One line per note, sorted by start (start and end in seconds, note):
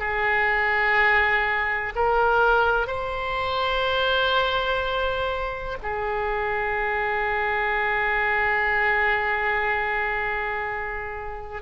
0.00 1.94 G#4
1.96 2.88 A#4
2.88 5.78 C5
5.83 11.63 G#4